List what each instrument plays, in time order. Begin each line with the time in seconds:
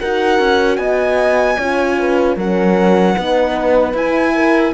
0.00 cello D#4, horn F#4 A#4, violin F#5
0.39 cello C#4
0.77 cello B3, horn D#5, violin G#5
1.58 cello C#4, horn F4 C#5
2.00 horn B4
2.37 cello F#3, horn C#4 A#4, violin F#5
3.15 cello B3, horn D#4 B4
3.94 cello E4, horn E4, violin G#5
4.35 horn A#4